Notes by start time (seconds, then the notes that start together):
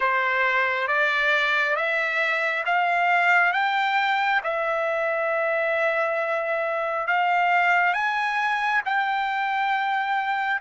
0.00 C5
0.87 D5
1.76 E5
2.65 F5
3.53 G5
4.44 E5
7.07 F5
7.93 G#5
8.85 G5